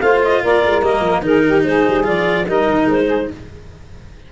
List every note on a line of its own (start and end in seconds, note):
0.00 0.42 A3
0.00 0.83 F4
0.00 0.43 C5
0.00 0.21 F5
0.24 0.44 D#5
0.43 0.64 A#3
0.43 1.24 A#4
0.43 0.83 D5
0.65 0.82 G#3
0.82 1.01 G3
0.82 1.23 A#3
0.82 1.24 D#5
1.01 1.21 F3
1.21 1.62 D#3
1.21 2.04 D#4
1.21 1.45 G#4
1.21 1.64 A#4
1.46 1.67 G4
1.64 1.85 G#3
1.64 2.47 G#4
1.64 2.05 C5
1.88 2.09 G3
2.04 2.49 F3
2.04 2.45 F4
2.04 2.48 D5
2.47 2.69 G3
2.47 3.31 D#4
2.47 3.06 A#4
2.47 2.89 D#5
2.70 2.86 D#3
2.86 3.27 G#3
2.86 3.32 C5
3.06 3.27 G#4